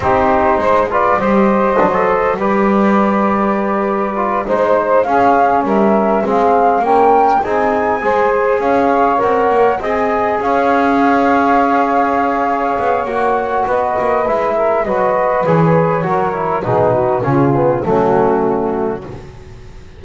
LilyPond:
<<
  \new Staff \with { instrumentName = "flute" } { \time 4/4 \tempo 4 = 101 c''4. d''8 dis''2 | d''2.~ d''8 c''8~ | c''8 f''4 e''4 f''4 g''8~ | g''8 gis''2 f''4 fis''8~ |
fis''8 gis''4 f''2~ f''8~ | f''2 fis''4 dis''4 | e''4 dis''4 cis''2 | b'4 gis'4 fis'2 | }
  \new Staff \with { instrumentName = "saxophone" } { \time 4/4 g'4 c''8 b'8 c''2 | b'2.~ b'8 c''8~ | c''8 gis'4 ais'4 gis'4 ais'8~ | ais'8 gis'4 c''4 cis''4.~ |
cis''8 dis''4 cis''2~ cis''8~ | cis''2. b'4~ | b'8 ais'8 b'2 ais'4 | gis'8 fis'8 f'4 cis'2 | }
  \new Staff \with { instrumentName = "trombone" } { \time 4/4 dis'4. f'8 g'4 d'16 a'8. | g'2. f'8 dis'8~ | dis'8 cis'2 c'4 cis'8~ | cis'8 dis'4 gis'2 ais'8~ |
ais'8 gis'2.~ gis'8~ | gis'2 fis'2 | e'4 fis'4 gis'4 fis'8 e'8 | dis'4 cis'8 b8 a2 | }
  \new Staff \with { instrumentName = "double bass" } { \time 4/4 c'4 gis4 g4 fis4 | g2.~ g8 gis8~ | gis8 cis'4 g4 gis4 ais8~ | ais8 c'4 gis4 cis'4 c'8 |
ais8 c'4 cis'2~ cis'8~ | cis'4. b8 ais4 b8 ais8 | gis4 fis4 e4 fis4 | b,4 cis4 fis2 | }
>>